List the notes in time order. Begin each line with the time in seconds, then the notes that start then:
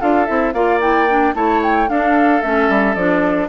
0.00 D4 F4 A4 F5
0.26 C4 E4 E5
0.53 A#3 F4 D5 F5
0.80 E4 G5
1.09 D4
1.34 A3 E4 C#5 A5
1.62 G5
1.88 D4 A4 F5
2.41 A3 C#4 E5
2.69 G3
2.94 F3 D4 D5